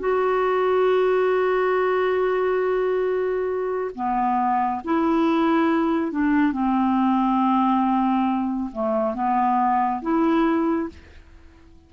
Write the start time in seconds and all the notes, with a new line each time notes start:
0.00 F#4
3.95 B3
4.85 E4
6.12 D4
6.53 C4
8.73 A3
9.15 B3
10.02 E4